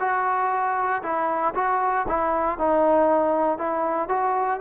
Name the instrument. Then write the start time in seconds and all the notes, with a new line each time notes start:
trombone
0.00 F#4
1.03 E4
1.55 F#4
2.09 E4
2.59 D#4
3.59 E4
4.09 F#4